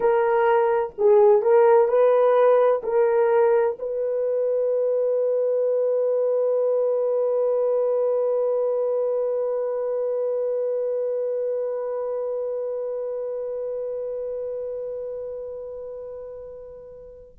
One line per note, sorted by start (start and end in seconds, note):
0.00 0.93 A#4
0.98 1.41 G#4
1.41 1.87 A#4
1.87 2.81 B4
2.83 3.76 A#4
3.78 17.38 B4